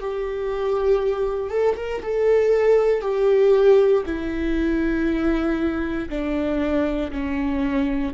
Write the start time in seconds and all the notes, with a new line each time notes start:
0.00 G4
1.50 A4
1.76 A#4
2.02 A4
3.01 G4
4.05 E4
6.09 D4
7.11 C#4